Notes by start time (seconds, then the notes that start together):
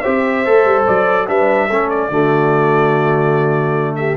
0.00 G4 C5 E5
0.06 C4
0.46 A3 A4
0.65 G3
0.87 F#3 D5
1.28 G3 D4 B4 E5
1.68 A3 C#4 A4
1.90 D5
2.10 D3 A3 F#4
3.96 G4 E5